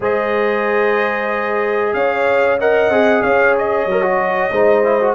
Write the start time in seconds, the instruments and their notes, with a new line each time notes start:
0.00 tuba G#3, trombone G#4, horn C5, trumpet D#5
1.93 tuba C#4, horn C#5, trumpet F5
2.59 trombone A#4, horn D#5, trumpet F#5
2.88 tuba C4, trombone G#4
3.22 tuba C#4, horn C#5, trumpet F5
3.58 trumpet D#5
3.85 tuba F#3, trombone A#4
4.02 trombone F#4
4.51 tuba G#3, trombone D#4, horn C5
4.83 trombone E4
5.00 trombone F#4